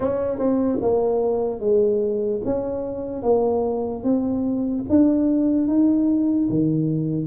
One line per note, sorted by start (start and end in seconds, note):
0.00 0.38 C#4
0.38 0.79 C4
0.81 1.60 A#3
1.60 2.41 G#3
2.44 3.22 C#4
3.22 4.03 A#3
4.03 4.84 C4
4.89 5.67 D4
5.67 6.48 D#4
6.49 7.26 D#3